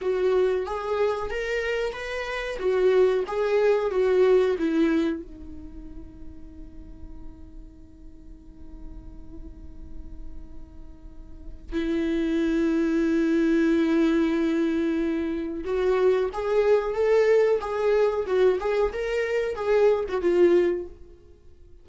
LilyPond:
\new Staff \with { instrumentName = "viola" } { \time 4/4 \tempo 4 = 92 fis'4 gis'4 ais'4 b'4 | fis'4 gis'4 fis'4 e'4 | dis'1~ | dis'1~ |
dis'2 e'2~ | e'1 | fis'4 gis'4 a'4 gis'4 | fis'8 gis'8 ais'4 gis'8. fis'16 f'4 | }